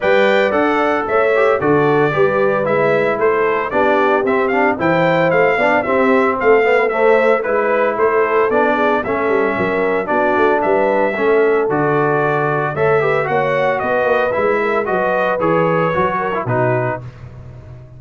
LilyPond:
<<
  \new Staff \with { instrumentName = "trumpet" } { \time 4/4 \tempo 4 = 113 g''4 fis''4 e''4 d''4~ | d''4 e''4 c''4 d''4 | e''8 f''8 g''4 f''4 e''4 | f''4 e''4 b'4 c''4 |
d''4 e''2 d''4 | e''2 d''2 | e''4 fis''4 dis''4 e''4 | dis''4 cis''2 b'4 | }
  \new Staff \with { instrumentName = "horn" } { \time 4/4 d''2 cis''4 a'4 | b'2 a'4 g'4~ | g'4 c''4. d''8 g'4 | a'8 b'8 c''4 b'4 a'4~ |
a'8 gis'8 a'4 ais'4 fis'4 | b'4 a'2. | cis''8 b'8 cis''4 b'4. ais'8 | b'2~ b'8 ais'8 fis'4 | }
  \new Staff \with { instrumentName = "trombone" } { \time 4/4 b'4 a'4. g'8 fis'4 | g'4 e'2 d'4 | c'8 d'8 e'4. d'8 c'4~ | c'8 b8 a4 e'2 |
d'4 cis'2 d'4~ | d'4 cis'4 fis'2 | a'8 g'8 fis'2 e'4 | fis'4 gis'4 fis'8. e'16 dis'4 | }
  \new Staff \with { instrumentName = "tuba" } { \time 4/4 g4 d'4 a4 d4 | g4 gis4 a4 b4 | c'4 e4 a8 b8 c'4 | a2 gis4 a4 |
b4 a8 g8 fis4 b8 a8 | g4 a4 d2 | a4 ais4 b8 ais8 gis4 | fis4 e4 fis4 b,4 | }
>>